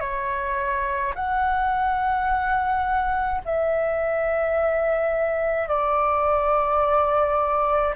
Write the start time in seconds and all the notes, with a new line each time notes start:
0.00 C#5
1.15 F#5
3.45 E5
5.68 D5